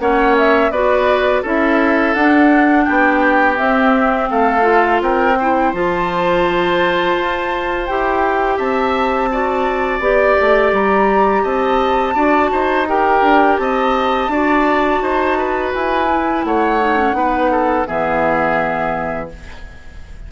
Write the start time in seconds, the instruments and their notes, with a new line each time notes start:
0.00 bassoon A#3, clarinet C#4, oboe C#5, flute F#5
0.38 flute E5
0.71 bassoon B3, clarinet F#4, oboe B4, flute D5
1.42 bassoon C#4, clarinet E4, oboe A4, flute E5
2.14 bassoon D4, clarinet D4, flute F#5
2.85 bassoon B3, oboe G4, flute G5
3.57 clarinet C4, bassoon C4, flute E5
4.30 bassoon A3, oboe A4, flute F5
4.62 clarinet F4
5.01 bassoon C4, oboe A#4, flute G5
5.39 clarinet E4, oboe C5
5.73 bassoon F3, clarinet F4, flute A5
7.18 bassoon F4
7.86 bassoon E4, clarinet G4, flute G5
8.57 bassoon C4, oboe E5, flute A5
9.32 clarinet F#4, oboe D5
10.00 bassoon B3, clarinet G4, flute D5
10.41 bassoon A3
10.72 bassoon G3, flute A#5
11.43 bassoon C4, oboe D#5, flute A5
12.15 bassoon D4, clarinet F#4, oboe D5
12.52 bassoon D#4, oboe C5
12.87 clarinet G4, oboe A#4, flute G5
13.22 bassoon D4
13.57 bassoon C4, oboe D#5, flute A5
14.28 bassoon D4, clarinet F#4, oboe D5
15.02 bassoon D#4, oboe C5
15.38 oboe B4
15.74 bassoon E4, flute G#5
16.09 clarinet E4
16.44 bassoon A3, oboe C#5, flute F#5
16.80 clarinet D#4
16.97 clarinet C#4
17.13 bassoon B3, clarinet D#4, oboe B4
17.52 oboe A4
17.87 bassoon E3, clarinet B3, oboe G#4, flute E5